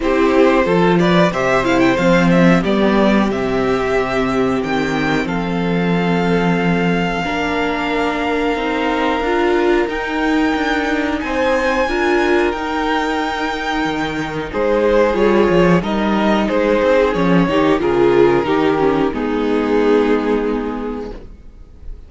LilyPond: <<
  \new Staff \with { instrumentName = "violin" } { \time 4/4 \tempo 4 = 91 c''4. d''8 e''8 f''16 g''16 f''8 e''8 | d''4 e''2 g''4 | f''1~ | f''2. g''4~ |
g''4 gis''2 g''4~ | g''2 c''4 cis''4 | dis''4 c''4 cis''4 ais'4~ | ais'4 gis'2. | }
  \new Staff \with { instrumentName = "violin" } { \time 4/4 g'4 a'8 b'8 c''2 | g'1 | a'2. ais'4~ | ais'1~ |
ais'4 c''4 ais'2~ | ais'2 gis'2 | ais'4 gis'4. g'8 gis'4 | g'4 dis'2. | }
  \new Staff \with { instrumentName = "viola" } { \time 4/4 e'4 f'4 g'8 e'8 c'4 | b4 c'2.~ | c'2. d'4~ | d'4 dis'4 f'4 dis'4~ |
dis'2 f'4 dis'4~ | dis'2. f'4 | dis'2 cis'8 dis'8 f'4 | dis'8 cis'8 b2. | }
  \new Staff \with { instrumentName = "cello" } { \time 4/4 c'4 f4 c4 f4 | g4 c2 dis4 | f2. ais4~ | ais4 c'4 d'4 dis'4 |
d'4 c'4 d'4 dis'4~ | dis'4 dis4 gis4 g8 f8 | g4 gis8 c'8 f8 dis8 cis4 | dis4 gis2. | }
>>